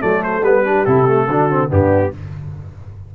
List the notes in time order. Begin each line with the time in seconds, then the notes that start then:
0.00 F#3 A3 A4 D5
0.23 C5
0.43 G3 B3 B4
0.64 D4 G4
0.86 C3 E4 A4
1.07 A3
1.27 D3 D4 F#4
1.50 C4
1.69 G2 B3 D4 G4